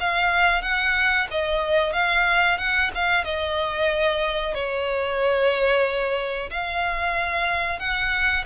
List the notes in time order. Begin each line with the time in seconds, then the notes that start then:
0.00 F5
0.62 F#5
1.31 D#5
1.93 F5
2.58 F#5
2.95 F5
3.24 D#5
4.54 C#5
6.50 F5
7.79 F#5